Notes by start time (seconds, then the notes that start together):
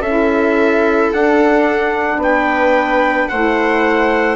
0.00 C#4 E4 A4 E5
1.12 D4 F#5
2.17 B3 B4 G5
3.28 A3 E4 C5 F#5